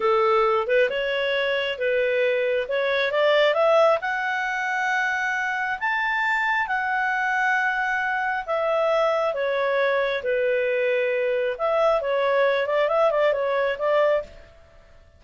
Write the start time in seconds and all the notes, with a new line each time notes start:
0.00 A4
0.67 B4
0.89 C#5
1.78 B4
2.68 C#5
3.11 D5
3.53 E5
4.01 F#5
5.79 A5
6.67 F#5
8.46 E5
9.34 C#5
10.23 B4
11.57 E5
12.01 C#5
12.67 D5
12.88 E5
13.11 D5
13.32 C#5
13.78 D5